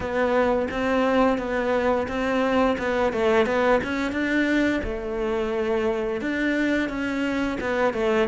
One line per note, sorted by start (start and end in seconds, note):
0.00 0.67 B3
0.70 1.38 C4
1.38 2.07 B3
2.08 2.76 C4
2.78 3.12 B3
3.12 3.45 A3
3.45 3.80 B3
3.83 4.12 C#4
4.12 4.81 D4
4.83 6.21 A3
6.21 6.89 D4
6.89 7.58 C#4
7.60 7.93 B3
7.93 8.28 A3